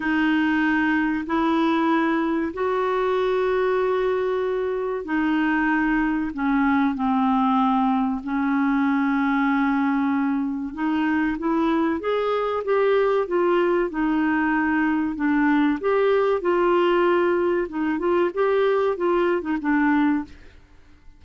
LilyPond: \new Staff \with { instrumentName = "clarinet" } { \time 4/4 \tempo 4 = 95 dis'2 e'2 | fis'1 | dis'2 cis'4 c'4~ | c'4 cis'2.~ |
cis'4 dis'4 e'4 gis'4 | g'4 f'4 dis'2 | d'4 g'4 f'2 | dis'8 f'8 g'4 f'8. dis'16 d'4 | }